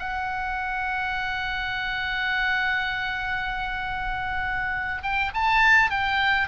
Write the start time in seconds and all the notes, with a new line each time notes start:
0.00 F#5
5.03 G5
5.34 A5
5.91 G5